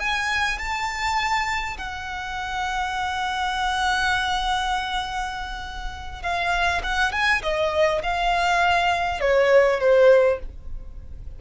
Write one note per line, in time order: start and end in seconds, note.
0.00 0.59 G#5
0.59 1.77 A5
1.78 6.22 F#5
6.22 6.82 F5
6.83 7.12 F#5
7.12 7.42 G#5
7.43 8.02 D#5
8.03 9.21 F5
9.21 9.80 C#5
9.80 10.40 C5